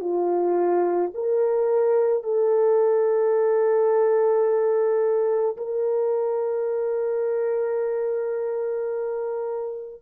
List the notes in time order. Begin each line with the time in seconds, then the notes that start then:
0.00 F4
1.14 A#4
2.23 A4
5.57 A#4